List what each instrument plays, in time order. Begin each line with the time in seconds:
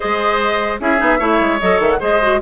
0.00 bassoon G#3, clarinet G#4, oboe C5, flute D#5
0.80 bassoon C#4, clarinet E4, oboe G#4, flute E5
0.98 bassoon B3, clarinet D#4
1.19 bassoon A3, clarinet E4, oboe C#5
1.40 bassoon G#3
1.60 bassoon F#3, clarinet A4, flute D#5
1.79 bassoon D#3, flute E5
1.90 flute F#5
1.99 bassoon G#3, clarinet G#4, oboe C5, flute D#5
2.21 clarinet F#4